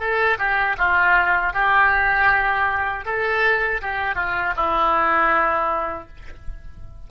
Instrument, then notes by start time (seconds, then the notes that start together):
oboe
0.00 A4
0.39 G4
0.78 F4
1.53 G4
3.06 A4
3.81 G4
4.15 F4
4.56 E4